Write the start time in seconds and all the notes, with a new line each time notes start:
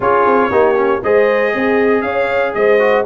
0.00 C#4 F4 G#4 C#5
0.25 C4
0.50 A#3 D#4 G4
0.75 C#4
1.03 G#3 G#4 C5 D#5
1.51 C4 G#4
2.01 C#4 C#5 F5
2.54 G#3 C5 D#5
2.79 F#4